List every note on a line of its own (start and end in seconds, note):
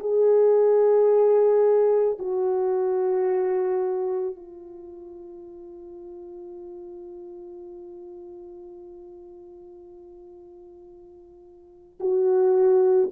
0.00 2.18 G#4
2.19 4.36 F#4
4.36 12.00 F4
12.00 13.10 F#4